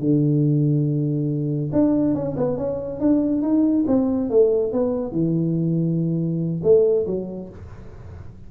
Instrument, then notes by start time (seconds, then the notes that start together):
tuba
0.00 D3
1.73 D4
2.14 C#4
2.37 B3
2.58 C#4
3.00 D4
3.42 D#4
3.88 C4
4.30 A3
4.73 B3
5.12 E3
6.64 A3
7.07 F#3